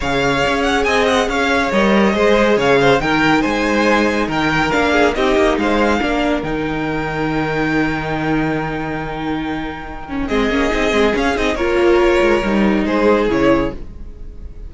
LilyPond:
<<
  \new Staff \with { instrumentName = "violin" } { \time 4/4 \tempo 4 = 140 f''4. fis''8 gis''8 fis''8 f''4 | dis''2 f''4 g''4 | gis''2 g''4 f''4 | dis''4 f''2 g''4~ |
g''1~ | g''1 | dis''2 f''8 dis''8 cis''4~ | cis''2 c''4 cis''4 | }
  \new Staff \with { instrumentName = "violin" } { \time 4/4 cis''2 dis''4 cis''4~ | cis''4 c''4 cis''8 c''8 ais'4 | c''2 ais'4. gis'8 | g'4 c''4 ais'2~ |
ais'1~ | ais'1 | gis'2. ais'4~ | ais'2 gis'2 | }
  \new Staff \with { instrumentName = "viola" } { \time 4/4 gis'1 | ais'4 gis'2 dis'4~ | dis'2. d'4 | dis'2 d'4 dis'4~ |
dis'1~ | dis'2.~ dis'8 cis'8 | c'8 cis'8 dis'8 c'8 cis'8 dis'8 f'4~ | f'4 dis'2 e'4 | }
  \new Staff \with { instrumentName = "cello" } { \time 4/4 cis4 cis'4 c'4 cis'4 | g4 gis4 cis4 dis4 | gis2 dis4 ais4 | c'8 ais8 gis4 ais4 dis4~ |
dis1~ | dis1 | gis8 ais8 c'8 gis8 cis'8 c'8 ais4~ | ais8 gis8 g4 gis4 cis4 | }
>>